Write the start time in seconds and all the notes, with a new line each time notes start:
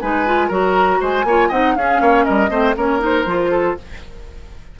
0.00 G#3 D#4 B4 G#5
0.26 F4
0.48 F#3 F#4 A#4 A#5
1.00 G#3 C5 G#5
1.24 A#3 F4 C#5
1.49 C4 D#4 D#5 F#5
1.76 C#4 G#4 F5
2.00 A#3 C#5
2.25 G3 A#4 D#5
2.50 A3 C4 C5
2.76 A#3 C#4 A#4 C#5
2.99 D#4 C5
3.26 F3 F4
3.51 A4